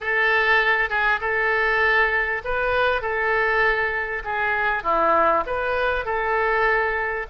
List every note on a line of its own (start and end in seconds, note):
0.00 0.89 A4
0.89 1.19 G#4
1.20 2.42 A4
2.44 3.01 B4
3.01 4.23 A4
4.24 4.83 G#4
4.83 5.44 E4
5.46 6.05 B4
6.05 7.26 A4